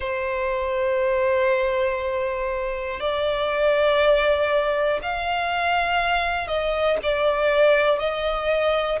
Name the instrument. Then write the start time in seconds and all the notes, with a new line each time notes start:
violin
0.00 C5
3.00 D5
5.02 F5
6.47 D#5
7.03 D5
7.99 D#5